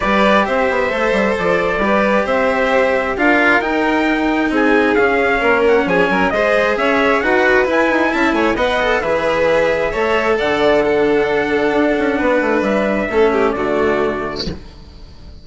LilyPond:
<<
  \new Staff \with { instrumentName = "trumpet" } { \time 4/4 \tempo 4 = 133 d''4 e''2 d''4~ | d''4 e''2 f''4 | g''2 gis''4 f''4~ | f''8 fis''8 gis''4 dis''4 e''4 |
fis''4 gis''4 a''8 gis''8 fis''4 | e''2. fis''4~ | fis''1 | e''2 d''2 | }
  \new Staff \with { instrumentName = "violin" } { \time 4/4 b'4 c''2. | b'4 c''2 ais'4~ | ais'2 gis'2 | ais'4 gis'8 ais'8 c''4 cis''4 |
b'2 e''8 cis''8 dis''4 | b'2 cis''4 d''4 | a'2. b'4~ | b'4 a'8 g'8 fis'2 | }
  \new Staff \with { instrumentName = "cello" } { \time 4/4 g'2 a'2 | g'2. f'4 | dis'2. cis'4~ | cis'2 gis'2 |
fis'4 e'2 b'8 a'8 | gis'2 a'2 | d'1~ | d'4 cis'4 a2 | }
  \new Staff \with { instrumentName = "bassoon" } { \time 4/4 g4 c'8 b8 a8 g8 f4 | g4 c'2 d'4 | dis'2 c'4 cis'4 | ais4 f8 fis8 gis4 cis'4 |
dis'4 e'8 dis'8 cis'8 a8 b4 | e2 a4 d4~ | d2 d'8 cis'8 b8 a8 | g4 a4 d2 | }
>>